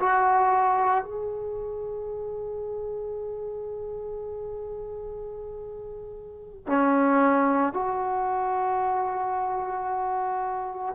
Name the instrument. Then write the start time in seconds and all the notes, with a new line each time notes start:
trombone
0.00 F#4
1.05 G#4
6.67 C#4
7.74 F#4